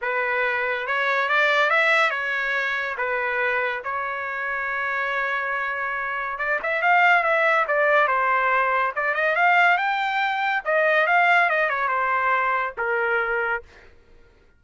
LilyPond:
\new Staff \with { instrumentName = "trumpet" } { \time 4/4 \tempo 4 = 141 b'2 cis''4 d''4 | e''4 cis''2 b'4~ | b'4 cis''2.~ | cis''2. d''8 e''8 |
f''4 e''4 d''4 c''4~ | c''4 d''8 dis''8 f''4 g''4~ | g''4 dis''4 f''4 dis''8 cis''8 | c''2 ais'2 | }